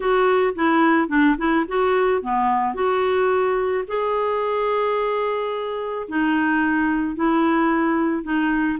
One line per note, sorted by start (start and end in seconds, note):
0.00 0.54 F#4
0.55 1.08 E4
1.08 1.36 D4
1.38 1.65 E4
1.68 2.22 F#4
2.22 2.74 B3
2.74 3.84 F#4
3.87 6.08 G#4
6.08 7.15 D#4
7.15 8.23 E4
8.23 8.78 D#4